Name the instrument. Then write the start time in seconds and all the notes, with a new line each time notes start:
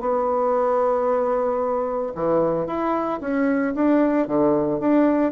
bassoon
0.00 B3
2.15 E3
2.67 E4
3.21 C#4
3.75 D4
4.28 D3
4.80 D4